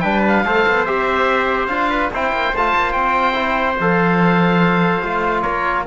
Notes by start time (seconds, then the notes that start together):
0.00 G3 D4 B4 G5
0.28 F5
0.45 A3 A4 C5
0.68 B3
0.86 C4 G4 E5
1.67 D4 F4 F5
1.90 B4
2.13 C4 E4 C5 G5
2.32 A#3
2.53 A3 F4 A5
2.76 A#3
2.92 C4 G5
3.34 E4
3.80 F3 A4 F5
5.02 A3 F4
5.41 A#3 A#4 C#5